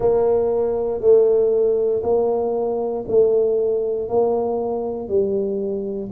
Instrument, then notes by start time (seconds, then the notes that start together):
tuba
0.00 A#3
1.00 A3
2.03 A#3
3.07 A3
4.09 A#3
5.08 G3